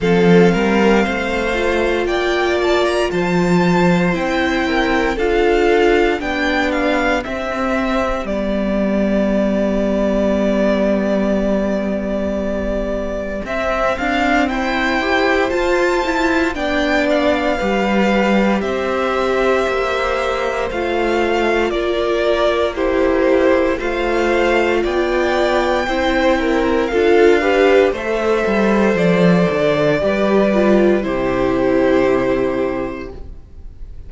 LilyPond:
<<
  \new Staff \with { instrumentName = "violin" } { \time 4/4 \tempo 4 = 58 f''2 g''8 a''16 ais''16 a''4 | g''4 f''4 g''8 f''8 e''4 | d''1~ | d''4 e''8 f''8 g''4 a''4 |
g''8 f''4. e''2 | f''4 d''4 c''4 f''4 | g''2 f''4 e''4 | d''2 c''2 | }
  \new Staff \with { instrumentName = "violin" } { \time 4/4 a'8 ais'8 c''4 d''4 c''4~ | c''8 ais'8 a'4 g'2~ | g'1~ | g'2 c''2 |
d''4 b'4 c''2~ | c''4 ais'4 g'4 c''4 | d''4 c''8 ais'8 a'8 b'8 c''4~ | c''4 b'4 g'2 | }
  \new Staff \with { instrumentName = "viola" } { \time 4/4 c'4. f'2~ f'8 | e'4 f'4 d'4 c'4 | b1~ | b4 c'4. g'8 f'8 e'8 |
d'4 g'2. | f'2 e'4 f'4~ | f'4 e'4 f'8 g'8 a'4~ | a'4 g'8 f'8 e'2 | }
  \new Staff \with { instrumentName = "cello" } { \time 4/4 f8 g8 a4 ais4 f4 | c'4 d'4 b4 c'4 | g1~ | g4 c'8 d'8 e'4 f'4 |
b4 g4 c'4 ais4 | a4 ais2 a4 | b4 c'4 d'4 a8 g8 | f8 d8 g4 c2 | }
>>